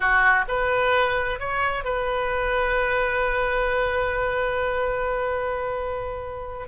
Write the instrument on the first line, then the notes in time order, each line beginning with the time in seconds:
oboe
0.00 F#4
0.47 B4
1.39 C#5
1.84 B4